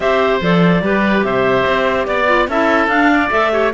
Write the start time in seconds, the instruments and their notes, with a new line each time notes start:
0.00 cello C4, clarinet G4 E5, oboe C5
0.41 cello F3, clarinet A4 D5
0.81 cello G3, clarinet G4, oboe B4
1.23 cello C3, oboe C5, clarinet E5
1.66 cello C4
2.06 cello B3, clarinet D5, oboe D5
2.27 clarinet F4
2.47 cello C#4, clarinet E4 E5, oboe A4
2.87 cello D4, clarinet D4 F5
3.13 oboe D5
3.30 cello A3, clarinet A4 E5
3.51 clarinet G4, oboe C#5